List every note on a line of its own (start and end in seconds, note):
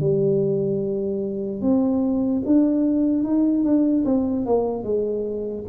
0.00 1.61 G3
1.61 2.43 C4
2.45 3.24 D4
3.24 3.63 D#4
3.63 4.04 D4
4.05 4.46 C4
4.46 4.84 A#3
4.84 5.65 G#3